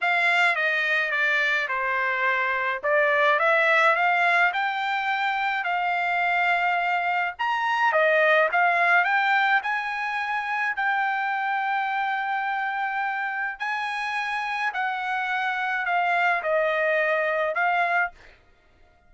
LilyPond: \new Staff \with { instrumentName = "trumpet" } { \time 4/4 \tempo 4 = 106 f''4 dis''4 d''4 c''4~ | c''4 d''4 e''4 f''4 | g''2 f''2~ | f''4 ais''4 dis''4 f''4 |
g''4 gis''2 g''4~ | g''1 | gis''2 fis''2 | f''4 dis''2 f''4 | }